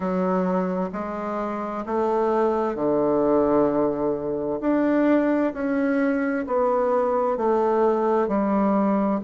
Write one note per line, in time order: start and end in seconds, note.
0.00 0.90 F#3
0.92 1.85 G#3
1.86 2.74 A3
2.74 4.59 D3
4.61 5.53 D4
5.53 6.45 C#4
6.47 7.37 B3
7.37 8.28 A3
8.28 9.20 G3